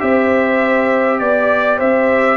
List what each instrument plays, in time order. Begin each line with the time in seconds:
0.00 tuba C4, trombone G4, horn C5, trumpet E5
1.19 tuba B3, trumpet D5, horn D5
1.77 tuba C4, horn C5, trumpet E5